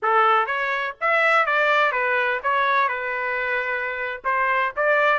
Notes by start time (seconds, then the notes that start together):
0.02 A4
0.46 C#5
1.00 E5
1.46 D5
1.92 B4
2.43 C#5
2.88 B4
4.24 C5
4.76 D5